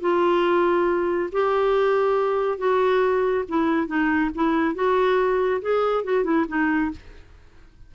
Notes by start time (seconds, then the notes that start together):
0.00 F4
1.32 G4
2.58 F#4
3.48 E4
3.87 D#4
4.35 E4
4.74 F#4
5.61 G#4
6.04 F#4
6.24 E4
6.48 D#4